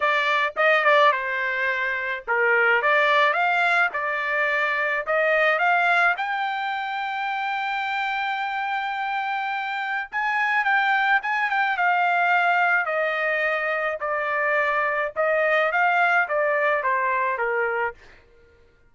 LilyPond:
\new Staff \with { instrumentName = "trumpet" } { \time 4/4 \tempo 4 = 107 d''4 dis''8 d''8 c''2 | ais'4 d''4 f''4 d''4~ | d''4 dis''4 f''4 g''4~ | g''1~ |
g''2 gis''4 g''4 | gis''8 g''8 f''2 dis''4~ | dis''4 d''2 dis''4 | f''4 d''4 c''4 ais'4 | }